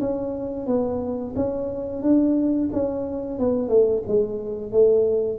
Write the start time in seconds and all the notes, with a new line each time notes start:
0.00 C#4
0.66 B3
1.35 C#4
2.02 D4
2.72 C#4
3.39 B3
3.68 A3
4.07 G#3
4.71 A3